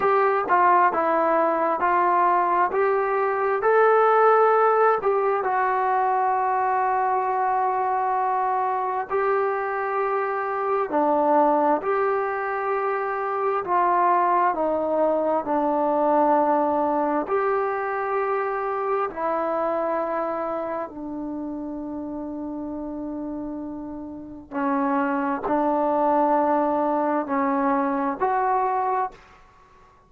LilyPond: \new Staff \with { instrumentName = "trombone" } { \time 4/4 \tempo 4 = 66 g'8 f'8 e'4 f'4 g'4 | a'4. g'8 fis'2~ | fis'2 g'2 | d'4 g'2 f'4 |
dis'4 d'2 g'4~ | g'4 e'2 d'4~ | d'2. cis'4 | d'2 cis'4 fis'4 | }